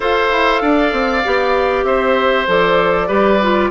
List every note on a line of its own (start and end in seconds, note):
0.00 0.29 F4
0.00 1.23 A4
0.00 0.61 C5
0.00 1.84 F5
0.31 0.61 E4
0.61 0.92 D4
0.61 1.85 D5
0.92 1.23 C4
1.24 1.84 B3
1.24 2.46 G4
1.84 2.46 C4
1.84 3.07 C5
1.84 2.46 E5
2.46 3.09 F3
2.46 3.07 A4
2.46 3.70 D5
3.07 3.70 G3
3.07 3.38 G4
3.07 3.69 B4
3.42 3.70 F4